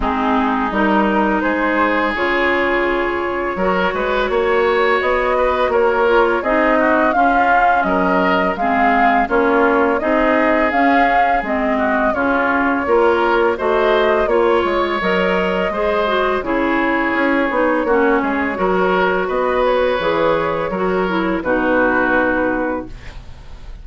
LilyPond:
<<
  \new Staff \with { instrumentName = "flute" } { \time 4/4 \tempo 4 = 84 gis'4 ais'4 c''4 cis''4~ | cis''2. dis''4 | cis''4 dis''4 f''4 dis''4 | f''4 cis''4 dis''4 f''4 |
dis''4 cis''2 dis''4 | cis''4 dis''2 cis''4~ | cis''2. dis''8 cis''8~ | cis''2 b'2 | }
  \new Staff \with { instrumentName = "oboe" } { \time 4/4 dis'2 gis'2~ | gis'4 ais'8 b'8 cis''4. b'8 | ais'4 gis'8 fis'8 f'4 ais'4 | gis'4 f'4 gis'2~ |
gis'8 fis'8 f'4 ais'4 c''4 | cis''2 c''4 gis'4~ | gis'4 fis'8 gis'8 ais'4 b'4~ | b'4 ais'4 fis'2 | }
  \new Staff \with { instrumentName = "clarinet" } { \time 4/4 c'4 dis'2 f'4~ | f'4 fis'2.~ | fis'8 f'8 dis'4 cis'2 | c'4 cis'4 dis'4 cis'4 |
c'4 cis'4 f'4 fis'4 | f'4 ais'4 gis'8 fis'8 e'4~ | e'8 dis'8 cis'4 fis'2 | gis'4 fis'8 e'8 dis'2 | }
  \new Staff \with { instrumentName = "bassoon" } { \time 4/4 gis4 g4 gis4 cis4~ | cis4 fis8 gis8 ais4 b4 | ais4 c'4 cis'4 fis4 | gis4 ais4 c'4 cis'4 |
gis4 cis4 ais4 a4 | ais8 gis8 fis4 gis4 cis4 | cis'8 b8 ais8 gis8 fis4 b4 | e4 fis4 b,2 | }
>>